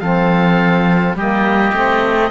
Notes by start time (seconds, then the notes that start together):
0.00 F3 C4 A4 F5
1.14 G3 A#3 G4 D#5
1.73 A3 C4